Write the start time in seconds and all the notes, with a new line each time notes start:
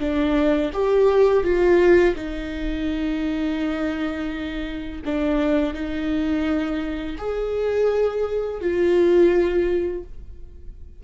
0.00 D4
0.74 G4
1.44 F4
2.16 D#4
5.06 D4
5.74 D#4
7.19 G#4
8.61 F4